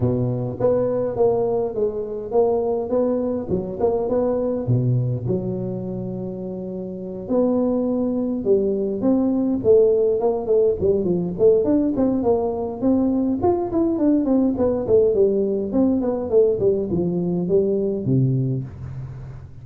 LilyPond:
\new Staff \with { instrumentName = "tuba" } { \time 4/4 \tempo 4 = 103 b,4 b4 ais4 gis4 | ais4 b4 fis8 ais8 b4 | b,4 fis2.~ | fis8 b2 g4 c'8~ |
c'8 a4 ais8 a8 g8 f8 a8 | d'8 c'8 ais4 c'4 f'8 e'8 | d'8 c'8 b8 a8 g4 c'8 b8 | a8 g8 f4 g4 c4 | }